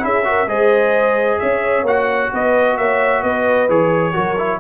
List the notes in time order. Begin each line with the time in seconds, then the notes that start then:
0.00 C#4 E4 G#4 E5
0.24 F#4 A#4
0.46 G#3 G#4 C5 D#5
1.39 C#4 C#5 E5
1.83 A#3 F#4 F#5
2.32 B3 B4 D#5
2.77 A#3 C#5 E5
3.22 B3 B4 D#5
3.69 E3 G#4 C#5
4.13 F#3 F#4 A#4
4.38 E4